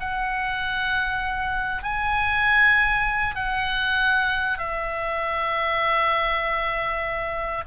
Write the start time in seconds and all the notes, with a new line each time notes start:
0.00 F#5
1.83 G#5
3.36 F#5
4.58 E5